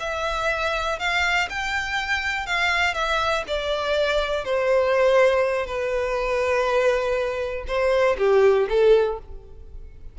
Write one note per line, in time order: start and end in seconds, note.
0.00 0.99 E5
0.99 1.49 F5
1.49 2.46 G5
2.46 2.94 F5
2.94 3.44 E5
3.48 4.45 D5
4.45 5.67 C5
5.67 7.65 B4
7.67 8.17 C5
8.18 8.68 G4
8.69 9.19 A4